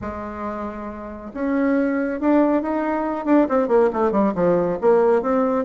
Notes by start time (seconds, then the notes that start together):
0.01 G#3
1.34 C#4
2.20 D4
2.61 D#4
3.25 D4
3.48 C4
3.68 A#3
3.92 A3
4.11 G3
4.34 F3
4.81 A#3
5.22 C4